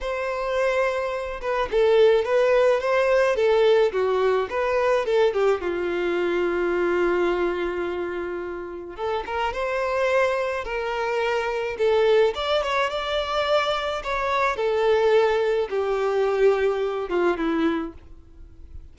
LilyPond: \new Staff \with { instrumentName = "violin" } { \time 4/4 \tempo 4 = 107 c''2~ c''8 b'8 a'4 | b'4 c''4 a'4 fis'4 | b'4 a'8 g'8 f'2~ | f'1 |
a'8 ais'8 c''2 ais'4~ | ais'4 a'4 d''8 cis''8 d''4~ | d''4 cis''4 a'2 | g'2~ g'8 f'8 e'4 | }